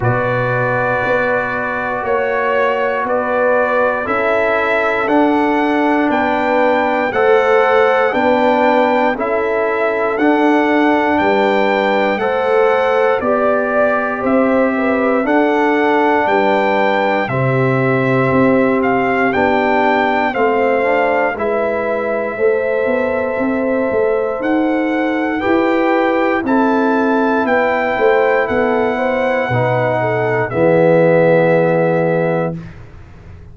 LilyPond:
<<
  \new Staff \with { instrumentName = "trumpet" } { \time 4/4 \tempo 4 = 59 d''2 cis''4 d''4 | e''4 fis''4 g''4 fis''4 | g''4 e''4 fis''4 g''4 | fis''4 d''4 e''4 fis''4 |
g''4 e''4. f''8 g''4 | f''4 e''2. | fis''4 g''4 a''4 g''4 | fis''2 e''2 | }
  \new Staff \with { instrumentName = "horn" } { \time 4/4 b'2 cis''4 b'4 | a'2 b'4 c''4 | b'4 a'2 b'4 | c''4 d''4 c''8 b'8 a'4 |
b'4 g'2. | c''4 b'4 c''2~ | c''4 b'4 a'4 b'8 c''8 | a'8 c''8 b'8 a'8 gis'2 | }
  \new Staff \with { instrumentName = "trombone" } { \time 4/4 fis'1 | e'4 d'2 a'4 | d'4 e'4 d'2 | a'4 g'2 d'4~ |
d'4 c'2 d'4 | c'8 d'8 e'4 a'2~ | a'4 g'4 e'2~ | e'4 dis'4 b2 | }
  \new Staff \with { instrumentName = "tuba" } { \time 4/4 b,4 b4 ais4 b4 | cis'4 d'4 b4 a4 | b4 cis'4 d'4 g4 | a4 b4 c'4 d'4 |
g4 c4 c'4 b4 | a4 gis4 a8 b8 c'8 a8 | dis'4 e'4 c'4 b8 a8 | b4 b,4 e2 | }
>>